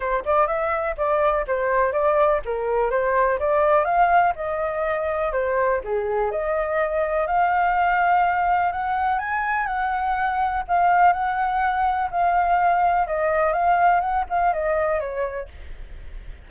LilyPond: \new Staff \with { instrumentName = "flute" } { \time 4/4 \tempo 4 = 124 c''8 d''8 e''4 d''4 c''4 | d''4 ais'4 c''4 d''4 | f''4 dis''2 c''4 | gis'4 dis''2 f''4~ |
f''2 fis''4 gis''4 | fis''2 f''4 fis''4~ | fis''4 f''2 dis''4 | f''4 fis''8 f''8 dis''4 cis''4 | }